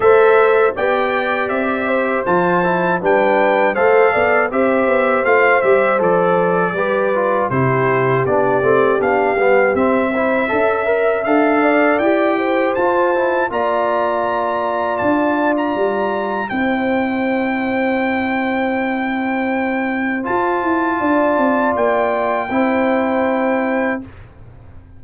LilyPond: <<
  \new Staff \with { instrumentName = "trumpet" } { \time 4/4 \tempo 4 = 80 e''4 g''4 e''4 a''4 | g''4 f''4 e''4 f''8 e''8 | d''2 c''4 d''4 | f''4 e''2 f''4 |
g''4 a''4 ais''2 | a''8. ais''4~ ais''16 g''2~ | g''2. a''4~ | a''4 g''2. | }
  \new Staff \with { instrumentName = "horn" } { \time 4/4 c''4 d''4. c''4. | b'4 c''8 d''8 c''2~ | c''4 b'4 g'2~ | g'4. c''8 e''4. d''8~ |
d''8 c''4. d''2~ | d''2 c''2~ | c''1 | d''2 c''2 | }
  \new Staff \with { instrumentName = "trombone" } { \time 4/4 a'4 g'2 f'8 e'8 | d'4 a'4 g'4 f'8 g'8 | a'4 g'8 f'8 e'4 d'8 c'8 | d'8 b8 c'8 e'8 a'8 ais'8 a'4 |
g'4 f'8 e'8 f'2~ | f'2 e'2~ | e'2. f'4~ | f'2 e'2 | }
  \new Staff \with { instrumentName = "tuba" } { \time 4/4 a4 b4 c'4 f4 | g4 a8 b8 c'8 b8 a8 g8 | f4 g4 c4 b8 a8 | b8 g8 c'4 cis'4 d'4 |
e'4 f'4 ais2 | d'4 g4 c'2~ | c'2. f'8 e'8 | d'8 c'8 ais4 c'2 | }
>>